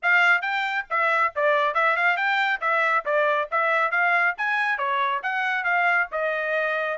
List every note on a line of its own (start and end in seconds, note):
0.02 0.41 F5
0.41 0.85 G5
0.90 1.33 E5
1.35 1.74 D5
1.74 1.96 E5
1.96 2.16 F5
2.16 2.60 G5
2.60 3.04 E5
3.05 3.48 D5
3.51 3.91 E5
3.91 4.34 F5
4.37 4.77 G#5
4.77 5.21 C#5
5.22 5.63 F#5
5.63 6.07 F5
6.11 6.98 D#5